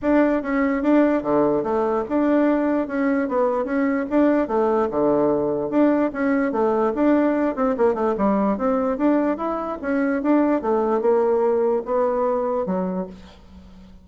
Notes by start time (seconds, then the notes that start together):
0.01 D4
0.42 C#4
0.82 D4
1.22 D3
1.63 A3
2.08 D4
2.87 C#4
3.28 B3
3.64 C#4
4.10 D4
4.47 A3
4.90 D3
5.69 D4
6.12 C#4
6.51 A3
6.94 D4
7.55 C4
7.77 A#3
7.94 A3
8.17 G3
8.57 C4
8.97 D4
9.37 E4
9.81 C#4
10.22 D4
10.61 A3
11.01 A#3
11.85 B3
12.66 F#3